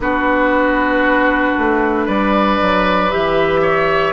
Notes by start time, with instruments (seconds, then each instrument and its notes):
0.00 bassoon B3, clarinet D4, oboe F#4, flute B4
1.58 bassoon A3
2.05 bassoon G3, oboe B4, flute D5
2.61 bassoon F#3
3.11 bassoon E3, clarinet G4, flute E5
3.61 oboe C#5